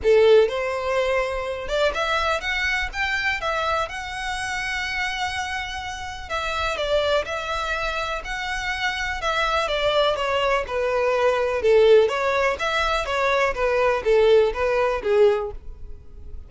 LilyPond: \new Staff \with { instrumentName = "violin" } { \time 4/4 \tempo 4 = 124 a'4 c''2~ c''8 d''8 | e''4 fis''4 g''4 e''4 | fis''1~ | fis''4 e''4 d''4 e''4~ |
e''4 fis''2 e''4 | d''4 cis''4 b'2 | a'4 cis''4 e''4 cis''4 | b'4 a'4 b'4 gis'4 | }